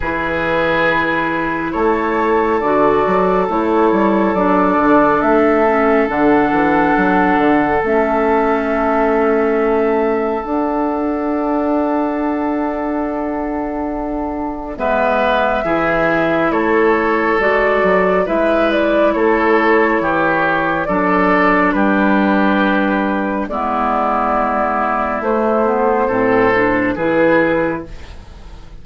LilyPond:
<<
  \new Staff \with { instrumentName = "flute" } { \time 4/4 \tempo 4 = 69 b'2 cis''4 d''4 | cis''4 d''4 e''4 fis''4~ | fis''4 e''2. | fis''1~ |
fis''4 e''2 cis''4 | d''4 e''8 d''8 cis''2 | d''4 b'2 d''4~ | d''4 c''2 b'4 | }
  \new Staff \with { instrumentName = "oboe" } { \time 4/4 gis'2 a'2~ | a'1~ | a'1~ | a'1~ |
a'4 b'4 gis'4 a'4~ | a'4 b'4 a'4 g'4 | a'4 g'2 e'4~ | e'2 a'4 gis'4 | }
  \new Staff \with { instrumentName = "clarinet" } { \time 4/4 e'2. fis'4 | e'4 d'4. cis'8 d'4~ | d'4 cis'2. | d'1~ |
d'4 b4 e'2 | fis'4 e'2. | d'2. b4~ | b4 a8 b8 c'8 d'8 e'4 | }
  \new Staff \with { instrumentName = "bassoon" } { \time 4/4 e2 a4 d8 fis8 | a8 g8 fis8 d8 a4 d8 e8 | fis8 d8 a2. | d'1~ |
d'4 gis4 e4 a4 | gis8 fis8 gis4 a4 e4 | fis4 g2 gis4~ | gis4 a4 a,4 e4 | }
>>